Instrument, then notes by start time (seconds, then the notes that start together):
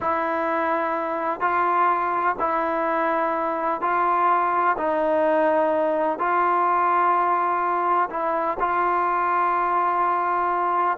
trombone
0.00 E4
1.40 F4
2.39 E4
3.81 F4
4.77 D#4
6.18 F4
8.10 E4
8.59 F4